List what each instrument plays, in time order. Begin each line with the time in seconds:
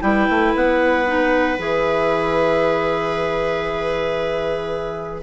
0.00 bassoon G3, clarinet E4 G5, viola B4
0.29 bassoon A3
0.54 bassoon B3, clarinet F#5
1.06 clarinet D#4
1.58 bassoon E3, clarinet G#4 E5